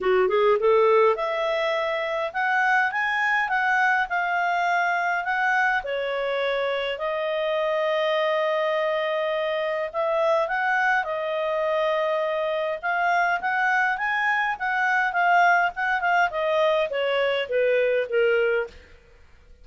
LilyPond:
\new Staff \with { instrumentName = "clarinet" } { \time 4/4 \tempo 4 = 103 fis'8 gis'8 a'4 e''2 | fis''4 gis''4 fis''4 f''4~ | f''4 fis''4 cis''2 | dis''1~ |
dis''4 e''4 fis''4 dis''4~ | dis''2 f''4 fis''4 | gis''4 fis''4 f''4 fis''8 f''8 | dis''4 cis''4 b'4 ais'4 | }